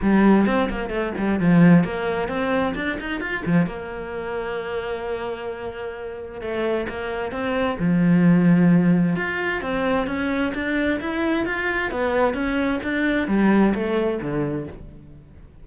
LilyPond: \new Staff \with { instrumentName = "cello" } { \time 4/4 \tempo 4 = 131 g4 c'8 ais8 a8 g8 f4 | ais4 c'4 d'8 dis'8 f'8 f8 | ais1~ | ais2 a4 ais4 |
c'4 f2. | f'4 c'4 cis'4 d'4 | e'4 f'4 b4 cis'4 | d'4 g4 a4 d4 | }